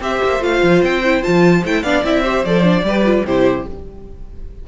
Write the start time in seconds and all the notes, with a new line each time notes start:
0.00 C4 G4 C5 E5
0.24 A#3
0.40 A3 F4 F5
0.63 F3
0.82 C4 G5
1.04 E4
1.23 F3 F4 A5
1.64 A3 E4 G5
1.82 B3 D4 D5 F5
2.04 C4 E4 E5
2.23 G4 C5
2.45 F3 A4 D5
2.63 D4
2.83 G3 B4
2.89 G4
3.05 F4
3.25 C3 E4 G4 C5